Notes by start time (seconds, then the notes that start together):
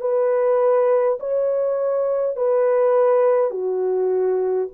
0.00 B4
1.19 C#5
2.36 B4
3.50 F#4